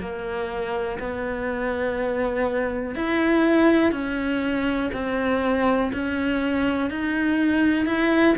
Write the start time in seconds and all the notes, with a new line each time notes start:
0.00 A#3
0.99 B3
2.95 E4
3.92 C#4
4.93 C4
5.93 C#4
6.89 D#4
7.86 E4